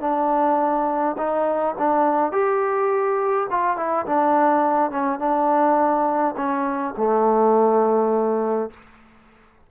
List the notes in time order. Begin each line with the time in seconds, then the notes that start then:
0.00 D4
1.17 D#4
1.78 D4
2.32 G4
3.50 F4
3.76 E4
4.06 D4
4.90 C#4
5.19 D4
6.36 C#4
6.97 A3